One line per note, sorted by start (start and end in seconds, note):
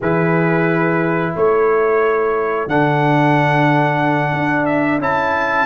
0.00 1.35 E3
0.00 2.68 E4
0.00 1.34 G#4
0.00 1.35 B4
1.34 2.67 A3
1.34 5.65 A4
1.34 2.68 C#5
2.67 4.32 D3
2.67 5.00 D4
2.67 4.65 F#5
4.32 4.98 D4
4.65 4.98 E5
4.98 5.65 C#4
4.98 5.65 E4
4.98 5.65 A5